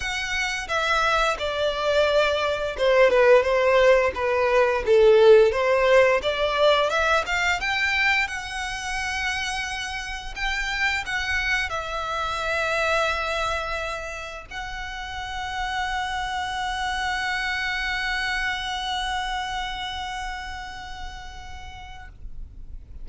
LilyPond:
\new Staff \with { instrumentName = "violin" } { \time 4/4 \tempo 4 = 87 fis''4 e''4 d''2 | c''8 b'8 c''4 b'4 a'4 | c''4 d''4 e''8 f''8 g''4 | fis''2. g''4 |
fis''4 e''2.~ | e''4 fis''2.~ | fis''1~ | fis''1 | }